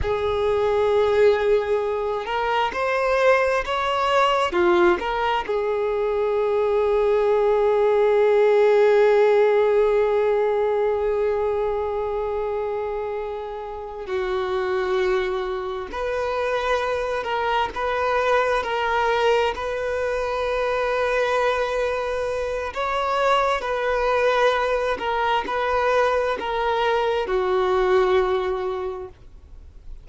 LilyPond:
\new Staff \with { instrumentName = "violin" } { \time 4/4 \tempo 4 = 66 gis'2~ gis'8 ais'8 c''4 | cis''4 f'8 ais'8 gis'2~ | gis'1~ | gis'2.~ gis'8 fis'8~ |
fis'4. b'4. ais'8 b'8~ | b'8 ais'4 b'2~ b'8~ | b'4 cis''4 b'4. ais'8 | b'4 ais'4 fis'2 | }